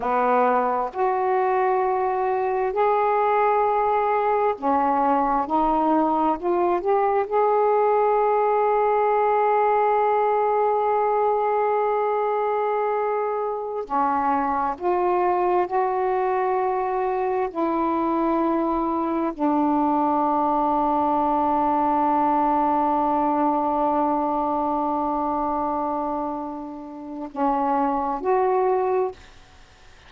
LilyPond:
\new Staff \with { instrumentName = "saxophone" } { \time 4/4 \tempo 4 = 66 b4 fis'2 gis'4~ | gis'4 cis'4 dis'4 f'8 g'8 | gis'1~ | gis'2.~ gis'16 cis'8.~ |
cis'16 f'4 fis'2 e'8.~ | e'4~ e'16 d'2~ d'8.~ | d'1~ | d'2 cis'4 fis'4 | }